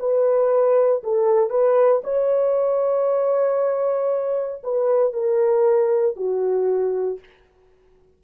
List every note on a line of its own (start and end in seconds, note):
0.00 1.03 B4
1.04 1.50 A4
1.50 2.02 B4
2.04 4.63 C#5
4.64 5.13 B4
5.13 6.16 A#4
6.16 7.20 F#4